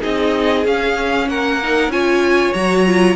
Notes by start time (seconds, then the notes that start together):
0.00 C4 D#4 G#4 D#5
0.65 C#4 F5
1.28 A#3 A#4 F#5
1.63 D#4
1.88 C#4 F4 C#5 G#5
2.53 F#3 F#4 A#5
2.85 F4